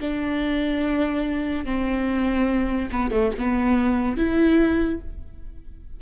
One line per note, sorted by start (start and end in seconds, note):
0.00 1.64 D4
1.64 2.89 C4
2.91 3.10 B3
3.10 3.31 A3
3.37 4.16 B3
4.16 5.00 E4